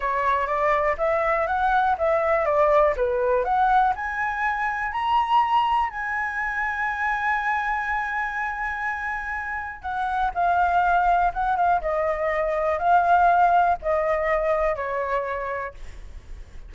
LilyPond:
\new Staff \with { instrumentName = "flute" } { \time 4/4 \tempo 4 = 122 cis''4 d''4 e''4 fis''4 | e''4 d''4 b'4 fis''4 | gis''2 ais''2 | gis''1~ |
gis''1 | fis''4 f''2 fis''8 f''8 | dis''2 f''2 | dis''2 cis''2 | }